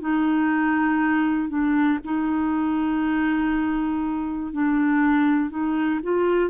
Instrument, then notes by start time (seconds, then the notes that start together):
clarinet
0.00 D#4
1.49 D4
2.05 D#4
4.53 D4
5.50 D#4
6.02 F4